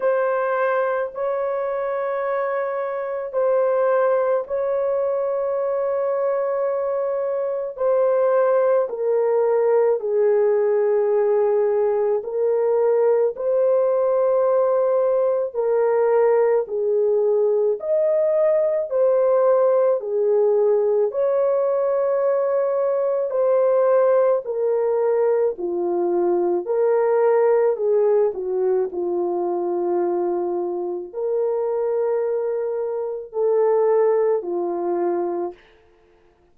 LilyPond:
\new Staff \with { instrumentName = "horn" } { \time 4/4 \tempo 4 = 54 c''4 cis''2 c''4 | cis''2. c''4 | ais'4 gis'2 ais'4 | c''2 ais'4 gis'4 |
dis''4 c''4 gis'4 cis''4~ | cis''4 c''4 ais'4 f'4 | ais'4 gis'8 fis'8 f'2 | ais'2 a'4 f'4 | }